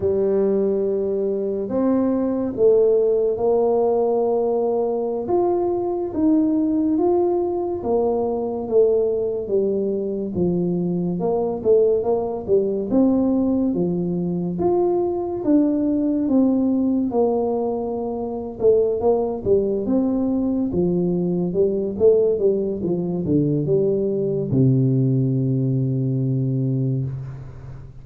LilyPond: \new Staff \with { instrumentName = "tuba" } { \time 4/4 \tempo 4 = 71 g2 c'4 a4 | ais2~ ais16 f'4 dis'8.~ | dis'16 f'4 ais4 a4 g8.~ | g16 f4 ais8 a8 ais8 g8 c'8.~ |
c'16 f4 f'4 d'4 c'8.~ | c'16 ais4.~ ais16 a8 ais8 g8 c'8~ | c'8 f4 g8 a8 g8 f8 d8 | g4 c2. | }